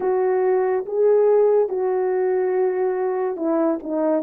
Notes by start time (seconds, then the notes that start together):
0.00 F#4
0.85 G#4
1.69 F#4
3.36 E4
3.83 D#4